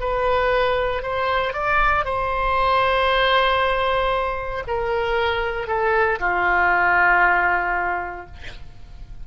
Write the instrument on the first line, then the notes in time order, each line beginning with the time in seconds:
oboe
0.00 B4
1.03 C5
1.53 D5
2.05 C5
4.67 A#4
5.67 A4
6.20 F4